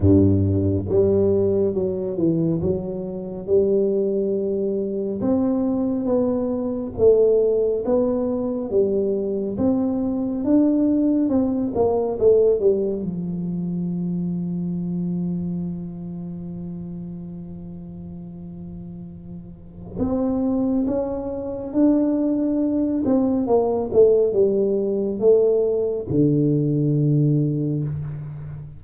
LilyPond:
\new Staff \with { instrumentName = "tuba" } { \time 4/4 \tempo 4 = 69 g,4 g4 fis8 e8 fis4 | g2 c'4 b4 | a4 b4 g4 c'4 | d'4 c'8 ais8 a8 g8 f4~ |
f1~ | f2. c'4 | cis'4 d'4. c'8 ais8 a8 | g4 a4 d2 | }